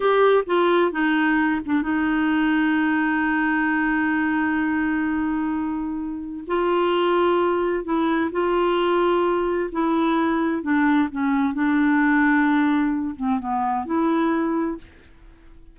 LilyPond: \new Staff \with { instrumentName = "clarinet" } { \time 4/4 \tempo 4 = 130 g'4 f'4 dis'4. d'8 | dis'1~ | dis'1~ | dis'2 f'2~ |
f'4 e'4 f'2~ | f'4 e'2 d'4 | cis'4 d'2.~ | d'8 c'8 b4 e'2 | }